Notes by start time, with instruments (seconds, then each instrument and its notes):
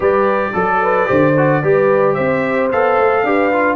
0.00 tuba G3, trombone G4, horn B4, trumpet D5
0.53 tuba F#3, trombone A4, horn A4
0.82 horn B4
1.06 tuba D3, trombone G4, horn C5
1.37 trombone F#4
1.62 tuba G3, trombone G4, horn B4
2.13 tuba C4, horn C5, trumpet E5
2.71 tuba B3, trombone A4, trumpet F5
2.98 tuba A3
3.23 tuba D4, trombone G4, horn B4
3.52 trombone F4